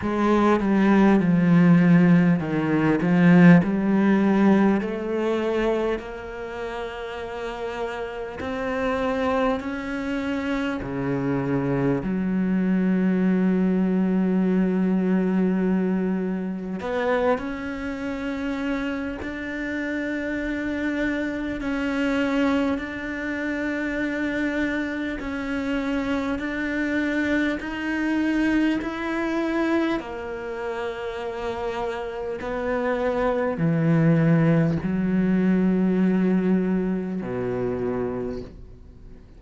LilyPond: \new Staff \with { instrumentName = "cello" } { \time 4/4 \tempo 4 = 50 gis8 g8 f4 dis8 f8 g4 | a4 ais2 c'4 | cis'4 cis4 fis2~ | fis2 b8 cis'4. |
d'2 cis'4 d'4~ | d'4 cis'4 d'4 dis'4 | e'4 ais2 b4 | e4 fis2 b,4 | }